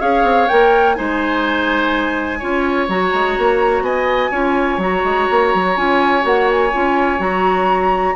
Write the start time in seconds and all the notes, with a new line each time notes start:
0.00 C#4 G#4 C#5 F5
0.23 C4
0.48 A#3 A#4 G5
0.95 G#3 D#4 C5 G#5
2.39 C#4 F4 C#5
2.89 F#3 F#4 A#5
3.14 G#3
3.38 A#3
3.81 B3 D#5 G#5
4.31 C#4 F4 C#5
4.78 F#3 F#4 A#5
5.04 G#3
5.30 A#3
5.54 F#3
5.76 C#4 F4 G#5
6.21 A#3 F#4 F#5
6.51 G#5
6.73 C#4 F4
7.18 F#3 F#4 A#5